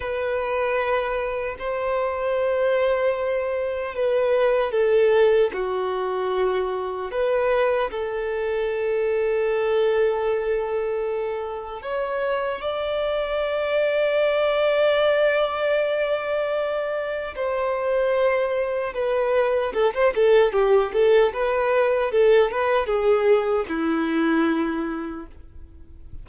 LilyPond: \new Staff \with { instrumentName = "violin" } { \time 4/4 \tempo 4 = 76 b'2 c''2~ | c''4 b'4 a'4 fis'4~ | fis'4 b'4 a'2~ | a'2. cis''4 |
d''1~ | d''2 c''2 | b'4 a'16 c''16 a'8 g'8 a'8 b'4 | a'8 b'8 gis'4 e'2 | }